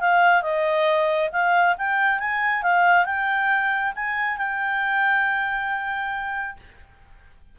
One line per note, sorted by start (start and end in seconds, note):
0.00 0.42 F5
0.42 1.30 D#5
1.32 1.76 F5
1.78 2.19 G5
2.19 2.63 G#5
2.63 3.05 F5
3.05 3.93 G5
3.95 4.37 G#5
4.37 6.56 G5